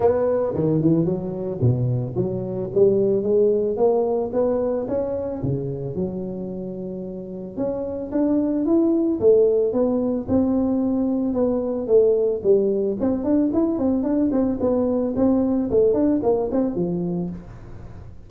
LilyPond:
\new Staff \with { instrumentName = "tuba" } { \time 4/4 \tempo 4 = 111 b4 dis8 e8 fis4 b,4 | fis4 g4 gis4 ais4 | b4 cis'4 cis4 fis4~ | fis2 cis'4 d'4 |
e'4 a4 b4 c'4~ | c'4 b4 a4 g4 | c'8 d'8 e'8 c'8 d'8 c'8 b4 | c'4 a8 d'8 ais8 c'8 f4 | }